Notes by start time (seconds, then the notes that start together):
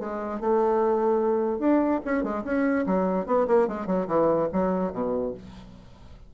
0.00 G#3
0.41 A3
1.60 D4
2.05 C#4
2.24 G#3
2.45 C#4
2.87 F#3
3.27 B3
3.48 A#3
3.68 G#3
3.87 F#3
4.08 E3
4.53 F#3
4.93 B2